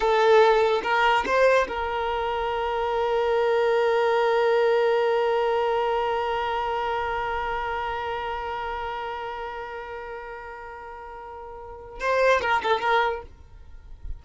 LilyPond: \new Staff \with { instrumentName = "violin" } { \time 4/4 \tempo 4 = 145 a'2 ais'4 c''4 | ais'1~ | ais'1~ | ais'1~ |
ais'1~ | ais'1~ | ais'1~ | ais'4 c''4 ais'8 a'8 ais'4 | }